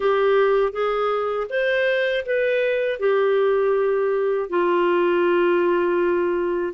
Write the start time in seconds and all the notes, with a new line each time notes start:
0.00 G4
0.72 G#4
1.49 C5
2.25 B4
2.99 G4
4.49 F4